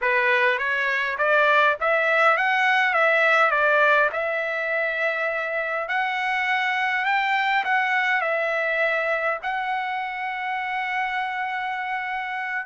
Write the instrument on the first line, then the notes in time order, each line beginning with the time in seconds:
trumpet
0.01 B4
0.58 C#5
1.18 D5
1.80 E5
2.37 F#5
2.93 E5
3.50 D5
4.12 E5
5.88 F#5
7.05 G5
7.64 F#5
8.21 E5
9.43 F#5